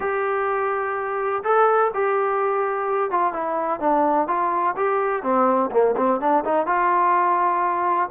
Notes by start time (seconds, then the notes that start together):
0.00 G4
1.43 A4
1.94 G4
3.10 F4
3.33 E4
3.80 D4
4.27 F4
4.76 G4
5.22 C4
5.71 A#3
5.96 C4
6.20 D4
6.44 D#4
6.66 F4